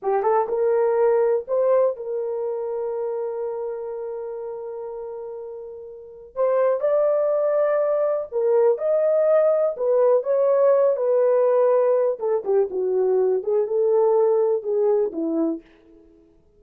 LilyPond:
\new Staff \with { instrumentName = "horn" } { \time 4/4 \tempo 4 = 123 g'8 a'8 ais'2 c''4 | ais'1~ | ais'1~ | ais'4 c''4 d''2~ |
d''4 ais'4 dis''2 | b'4 cis''4. b'4.~ | b'4 a'8 g'8 fis'4. gis'8 | a'2 gis'4 e'4 | }